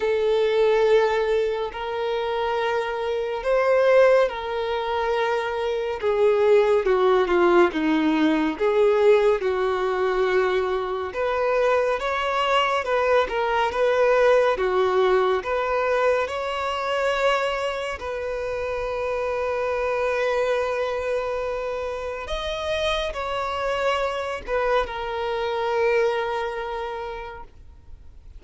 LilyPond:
\new Staff \with { instrumentName = "violin" } { \time 4/4 \tempo 4 = 70 a'2 ais'2 | c''4 ais'2 gis'4 | fis'8 f'8 dis'4 gis'4 fis'4~ | fis'4 b'4 cis''4 b'8 ais'8 |
b'4 fis'4 b'4 cis''4~ | cis''4 b'2.~ | b'2 dis''4 cis''4~ | cis''8 b'8 ais'2. | }